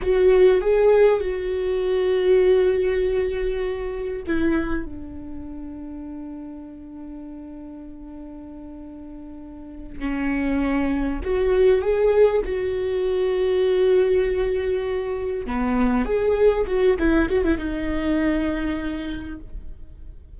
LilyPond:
\new Staff \with { instrumentName = "viola" } { \time 4/4 \tempo 4 = 99 fis'4 gis'4 fis'2~ | fis'2. e'4 | d'1~ | d'1~ |
d'8 cis'2 fis'4 gis'8~ | gis'8 fis'2.~ fis'8~ | fis'4. b4 gis'4 fis'8 | e'8 fis'16 e'16 dis'2. | }